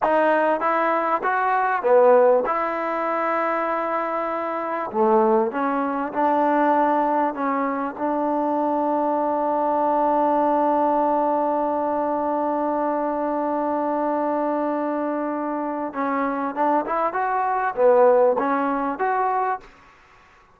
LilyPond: \new Staff \with { instrumentName = "trombone" } { \time 4/4 \tempo 4 = 98 dis'4 e'4 fis'4 b4 | e'1 | a4 cis'4 d'2 | cis'4 d'2.~ |
d'1~ | d'1~ | d'2 cis'4 d'8 e'8 | fis'4 b4 cis'4 fis'4 | }